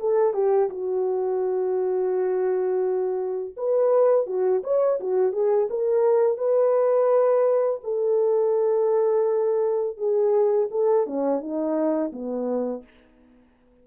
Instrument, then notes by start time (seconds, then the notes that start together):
horn
0.00 A4
0.34 G4
0.69 F#4
3.57 B4
4.27 F#4
4.64 C#5
5.00 F#4
5.32 G#4
5.70 A#4
6.38 B4
7.84 A4
9.97 G#4
10.71 A4
11.06 C#4
11.40 D#4
12.12 B3